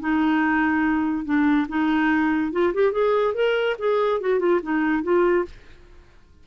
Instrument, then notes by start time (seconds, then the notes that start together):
clarinet
0.00 D#4
1.25 D4
1.69 D#4
2.52 F4
2.74 G4
2.92 G#4
3.34 A#4
3.79 G#4
4.21 F#4
4.40 F4
4.62 D#4
5.03 F4